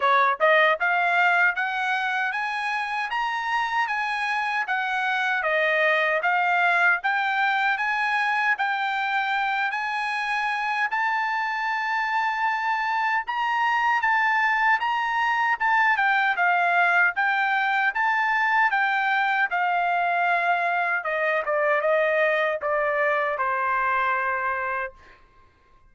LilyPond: \new Staff \with { instrumentName = "trumpet" } { \time 4/4 \tempo 4 = 77 cis''8 dis''8 f''4 fis''4 gis''4 | ais''4 gis''4 fis''4 dis''4 | f''4 g''4 gis''4 g''4~ | g''8 gis''4. a''2~ |
a''4 ais''4 a''4 ais''4 | a''8 g''8 f''4 g''4 a''4 | g''4 f''2 dis''8 d''8 | dis''4 d''4 c''2 | }